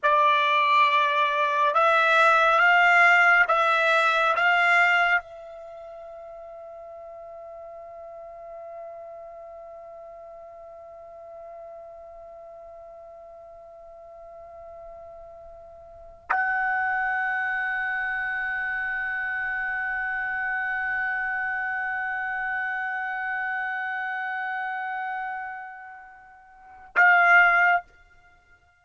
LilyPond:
\new Staff \with { instrumentName = "trumpet" } { \time 4/4 \tempo 4 = 69 d''2 e''4 f''4 | e''4 f''4 e''2~ | e''1~ | e''1~ |
e''2~ e''8. fis''4~ fis''16~ | fis''1~ | fis''1~ | fis''2. f''4 | }